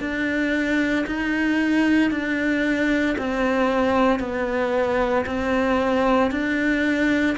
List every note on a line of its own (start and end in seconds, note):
0.00 1.05 D4
1.06 2.11 D#4
2.11 3.16 D4
3.18 4.20 C4
4.20 5.25 B3
5.26 6.31 C4
6.31 7.36 D4